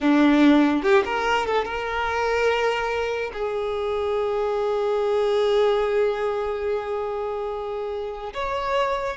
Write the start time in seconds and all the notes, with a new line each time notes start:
0.00 D4
0.82 G4
1.04 A#4
1.46 A4
1.64 A#4
3.33 G#4
8.33 C#5